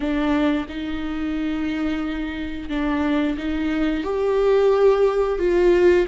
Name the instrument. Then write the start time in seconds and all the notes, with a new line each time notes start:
viola
0.00 D4
0.68 D#4
2.69 D4
3.37 D#4
4.03 G4
5.38 F4